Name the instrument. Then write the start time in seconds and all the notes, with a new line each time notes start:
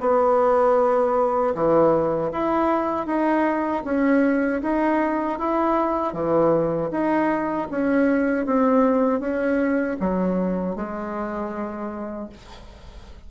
bassoon
0.00 B3
1.55 E3
2.32 E4
3.06 D#4
3.84 C#4
4.62 D#4
5.38 E4
6.13 E3
6.91 D#4
7.71 C#4
8.46 C4
9.20 C#4
10.00 F#3
10.75 G#3